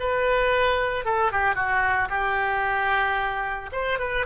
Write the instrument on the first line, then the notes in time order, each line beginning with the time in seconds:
oboe
0.00 B4
1.05 A4
1.32 G4
1.55 F#4
2.10 G4
3.73 C5
3.99 B4